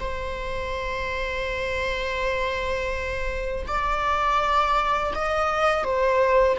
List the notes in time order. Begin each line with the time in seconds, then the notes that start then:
0.00 C5
3.68 D5
5.15 D#5
5.84 C5